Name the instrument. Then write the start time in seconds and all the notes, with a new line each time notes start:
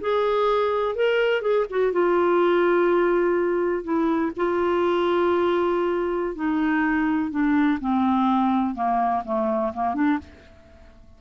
clarinet
0.00 G#4
0.95 A#4
1.42 G#4
1.70 F#4
1.92 F4
3.84 E4
4.36 F4
6.35 D#4
7.31 D4
7.80 C4
8.75 A#3
9.25 A3
9.73 A#3
9.94 D4